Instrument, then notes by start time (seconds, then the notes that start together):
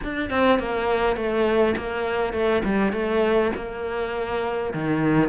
cello
0.03 D4
0.30 C4
0.59 A#3
1.16 A3
1.76 A#3
2.33 A3
2.64 G3
2.92 A3
3.55 A#3
4.73 D#3